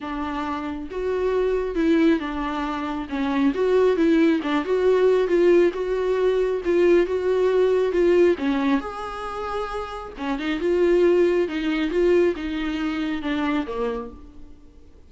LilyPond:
\new Staff \with { instrumentName = "viola" } { \time 4/4 \tempo 4 = 136 d'2 fis'2 | e'4 d'2 cis'4 | fis'4 e'4 d'8 fis'4. | f'4 fis'2 f'4 |
fis'2 f'4 cis'4 | gis'2. cis'8 dis'8 | f'2 dis'4 f'4 | dis'2 d'4 ais4 | }